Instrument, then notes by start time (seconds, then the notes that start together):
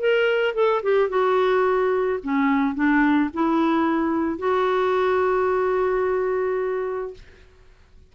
clarinet
0.00 A#4
0.55 A4
0.83 G4
1.10 F#4
2.23 C#4
2.75 D4
3.34 E4
4.39 F#4